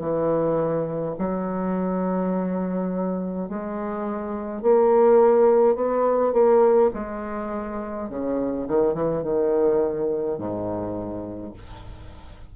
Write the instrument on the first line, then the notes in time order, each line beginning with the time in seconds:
bassoon
0.00 E3
1.19 F#3
3.49 G#3
4.62 A#3
5.75 B3
6.33 A#3
6.94 G#3
8.09 C#3
8.68 D#3
8.94 E3
9.23 D#3
10.38 G#2